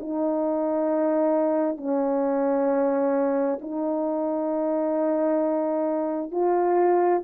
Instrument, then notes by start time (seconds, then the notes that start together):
horn
0.00 D#4
1.78 C#4
3.62 D#4
6.32 F4